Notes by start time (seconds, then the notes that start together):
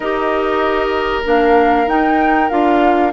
0.00 D#4 G4 A#4 D#5
1.24 A#3 D4 F5
1.86 D#4 G5
2.49 D4 F4 F5